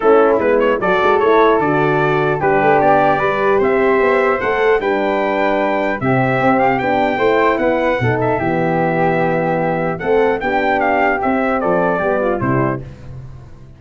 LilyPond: <<
  \new Staff \with { instrumentName = "trumpet" } { \time 4/4 \tempo 4 = 150 a'4 b'8 cis''8 d''4 cis''4 | d''2 b'4 d''4~ | d''4 e''2 fis''4 | g''2. e''4~ |
e''8 f''8 g''2 fis''4~ | fis''8 e''2.~ e''8~ | e''4 fis''4 g''4 f''4 | e''4 d''2 c''4 | }
  \new Staff \with { instrumentName = "flute" } { \time 4/4 e'2 a'2~ | a'2 g'2 | b'4 c''2. | b'2. g'4~ |
g'2 c''4 b'4 | a'4 g'2.~ | g'4 a'4 g'2~ | g'4 a'4 g'8 f'8 e'4 | }
  \new Staff \with { instrumentName = "horn" } { \time 4/4 cis'4 b4 fis'4 e'4 | fis'2 d'2 | g'2. a'4 | d'2. c'4~ |
c'4 d'4 e'2 | dis'4 b2.~ | b4 c'4 d'2 | c'2 b4 g4 | }
  \new Staff \with { instrumentName = "tuba" } { \time 4/4 a4 gis4 fis8 gis8 a4 | d2 g8 a8 b4 | g4 c'4 b4 a4 | g2. c4 |
c'4 b4 a4 b4 | b,4 e2.~ | e4 a4 b2 | c'4 f4 g4 c4 | }
>>